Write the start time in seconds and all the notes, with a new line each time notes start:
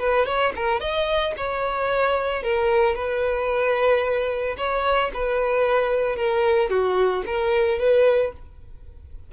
0.00 B4
0.26 C#5
0.56 A#4
0.81 D#5
1.37 C#5
2.43 A#4
2.96 B4
4.58 C#5
5.14 B4
6.17 A#4
6.70 F#4
7.27 A#4
7.79 B4